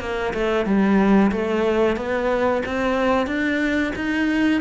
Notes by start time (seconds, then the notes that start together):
0.00 A#3
0.33 A3
0.65 G3
1.32 A3
1.96 B3
2.65 C4
3.27 D4
3.95 D#4